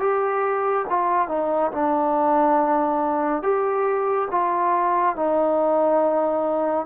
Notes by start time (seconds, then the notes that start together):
0.00 G4
0.90 F4
1.29 D#4
1.72 D4
3.43 G4
4.31 F4
5.16 D#4